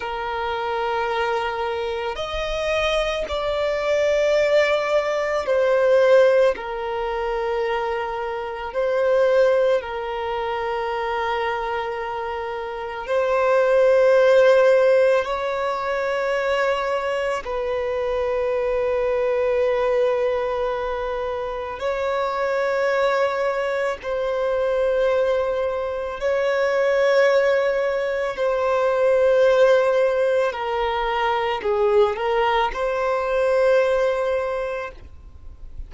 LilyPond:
\new Staff \with { instrumentName = "violin" } { \time 4/4 \tempo 4 = 55 ais'2 dis''4 d''4~ | d''4 c''4 ais'2 | c''4 ais'2. | c''2 cis''2 |
b'1 | cis''2 c''2 | cis''2 c''2 | ais'4 gis'8 ais'8 c''2 | }